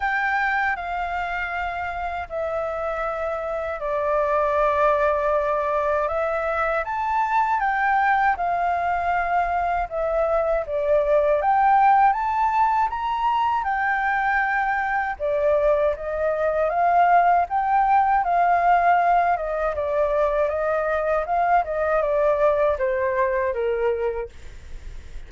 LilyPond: \new Staff \with { instrumentName = "flute" } { \time 4/4 \tempo 4 = 79 g''4 f''2 e''4~ | e''4 d''2. | e''4 a''4 g''4 f''4~ | f''4 e''4 d''4 g''4 |
a''4 ais''4 g''2 | d''4 dis''4 f''4 g''4 | f''4. dis''8 d''4 dis''4 | f''8 dis''8 d''4 c''4 ais'4 | }